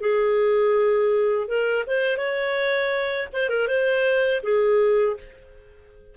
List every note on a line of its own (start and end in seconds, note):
0.00 1.47 G#4
1.47 1.84 A#4
1.87 2.17 C5
2.17 3.28 C#5
3.32 3.49 C5
3.49 3.67 A#4
3.67 4.41 C5
4.42 5.16 G#4